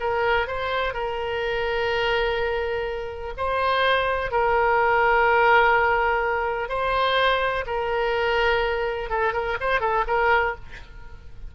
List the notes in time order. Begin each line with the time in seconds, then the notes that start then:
0.00 A#4
0.47 C5
0.94 A#4
3.37 C5
4.31 A#4
6.69 C5
7.66 A#4
9.10 A4
9.33 A#4
9.60 C5
9.81 A4
10.07 A#4